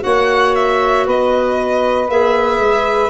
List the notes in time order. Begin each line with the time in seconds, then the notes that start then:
0.00 A#3 F#4 C#5 F#5
0.55 E5
1.06 B3 B4 D#5
2.09 A#3 G#4 E5
2.59 G#3